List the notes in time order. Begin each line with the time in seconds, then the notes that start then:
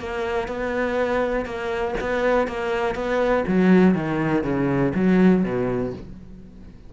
0.00 A#3
0.48 B3
1.46 A#3
2.01 B3
2.47 A#3
2.95 B3
3.48 F#3
3.95 D#3
4.44 C#3
4.95 F#3
5.44 B2